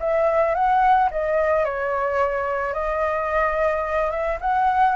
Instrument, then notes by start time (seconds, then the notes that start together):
flute
0.00 E5
0.55 F#5
1.11 D#5
1.65 C#5
2.74 D#5
4.11 E5
4.41 F#5